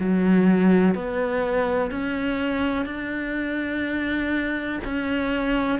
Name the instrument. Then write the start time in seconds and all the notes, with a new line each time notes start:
cello
0.00 F#3
0.95 B3
1.91 C#4
2.86 D4
4.85 C#4